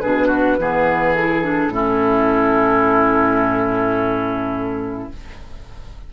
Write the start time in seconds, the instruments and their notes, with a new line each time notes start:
0.00 bassoon B2, clarinet D4, oboe G#4, flute B4
0.27 oboe F#4
0.58 bassoon E3, clarinet B3, oboe G#4
1.14 clarinet E4, flute A4
1.43 clarinet D4
1.68 bassoon A2, clarinet C#4, oboe E4